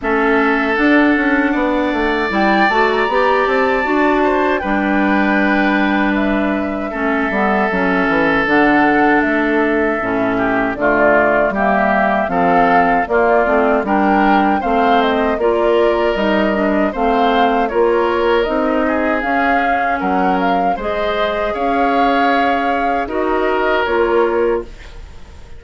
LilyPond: <<
  \new Staff \with { instrumentName = "flute" } { \time 4/4 \tempo 4 = 78 e''4 fis''2 g''8 a''16 ais''16~ | ais''8 a''4. g''2 | e''2. fis''4 | e''2 d''4 e''4 |
f''4 d''4 g''4 f''8 dis''8 | d''4 dis''4 f''4 cis''4 | dis''4 f''4 fis''8 f''8 dis''4 | f''2 dis''4 cis''4 | }
  \new Staff \with { instrumentName = "oboe" } { \time 4/4 a'2 d''2~ | d''4. c''8 b'2~ | b'4 a'2.~ | a'4. g'8 f'4 g'4 |
a'4 f'4 ais'4 c''4 | ais'2 c''4 ais'4~ | ais'8 gis'4. ais'4 c''4 | cis''2 ais'2 | }
  \new Staff \with { instrumentName = "clarinet" } { \time 4/4 cis'4 d'2 e'8 fis'8 | g'4 fis'4 d'2~ | d'4 cis'8 b8 cis'4 d'4~ | d'4 cis'4 a4 ais4 |
c'4 ais8 c'8 d'4 c'4 | f'4 dis'8 d'8 c'4 f'4 | dis'4 cis'2 gis'4~ | gis'2 fis'4 f'4 | }
  \new Staff \with { instrumentName = "bassoon" } { \time 4/4 a4 d'8 cis'8 b8 a8 g8 a8 | b8 c'8 d'4 g2~ | g4 a8 g8 fis8 e8 d4 | a4 a,4 d4 g4 |
f4 ais8 a8 g4 a4 | ais4 g4 a4 ais4 | c'4 cis'4 fis4 gis4 | cis'2 dis'4 ais4 | }
>>